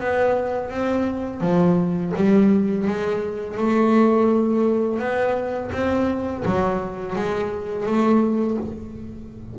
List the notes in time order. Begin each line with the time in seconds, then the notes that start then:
0.00 B3
0.70 C4
1.41 F3
2.16 G3
2.87 G#3
3.57 A3
4.99 B3
5.72 C4
6.45 F#3
7.16 G#3
7.86 A3